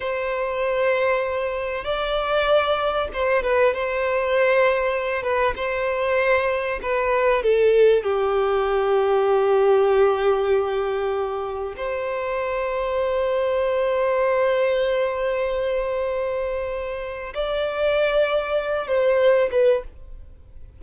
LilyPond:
\new Staff \with { instrumentName = "violin" } { \time 4/4 \tempo 4 = 97 c''2. d''4~ | d''4 c''8 b'8 c''2~ | c''8 b'8 c''2 b'4 | a'4 g'2.~ |
g'2. c''4~ | c''1~ | c''1 | d''2~ d''8 c''4 b'8 | }